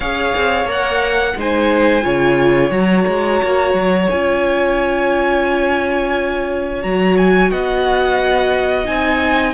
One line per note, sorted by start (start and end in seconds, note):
0.00 0.33 C#4
0.00 0.66 G#4
0.00 1.33 C#5
0.00 0.68 F5
0.35 0.64 C4
0.64 1.33 A#3
0.64 1.34 A#4
0.71 1.39 F#5
1.36 2.04 G#3
1.36 2.02 D#4
1.36 2.04 C5
1.36 2.71 G#5
2.02 2.70 C#3
2.02 2.70 F4
2.02 7.50 C#5
2.70 3.04 F#3
2.70 4.08 F#4
2.70 4.08 A#5
3.07 3.41 G#3
3.42 3.73 A#3
3.73 4.07 F#3
4.09 6.84 C#4
4.09 6.81 F4
4.09 6.82 G#5
6.81 7.51 F#3
6.81 8.85 F#4
6.81 7.16 A#5
7.17 7.51 G#5
7.50 8.87 B3
7.50 9.54 D#5
7.50 8.86 F#5
8.85 9.54 C4
8.85 9.53 D#4
8.85 9.54 G#5